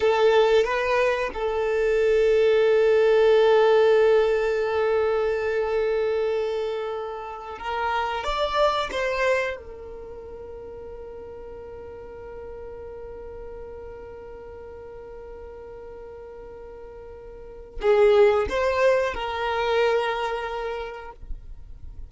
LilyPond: \new Staff \with { instrumentName = "violin" } { \time 4/4 \tempo 4 = 91 a'4 b'4 a'2~ | a'1~ | a'2.~ a'8 ais'8~ | ais'8 d''4 c''4 ais'4.~ |
ais'1~ | ais'1~ | ais'2. gis'4 | c''4 ais'2. | }